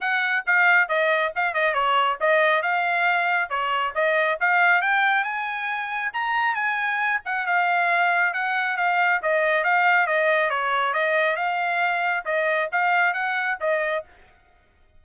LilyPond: \new Staff \with { instrumentName = "trumpet" } { \time 4/4 \tempo 4 = 137 fis''4 f''4 dis''4 f''8 dis''8 | cis''4 dis''4 f''2 | cis''4 dis''4 f''4 g''4 | gis''2 ais''4 gis''4~ |
gis''8 fis''8 f''2 fis''4 | f''4 dis''4 f''4 dis''4 | cis''4 dis''4 f''2 | dis''4 f''4 fis''4 dis''4 | }